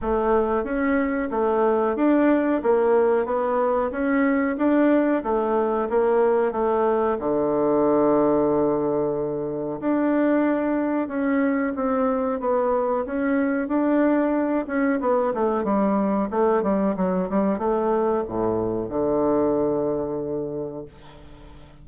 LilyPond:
\new Staff \with { instrumentName = "bassoon" } { \time 4/4 \tempo 4 = 92 a4 cis'4 a4 d'4 | ais4 b4 cis'4 d'4 | a4 ais4 a4 d4~ | d2. d'4~ |
d'4 cis'4 c'4 b4 | cis'4 d'4. cis'8 b8 a8 | g4 a8 g8 fis8 g8 a4 | a,4 d2. | }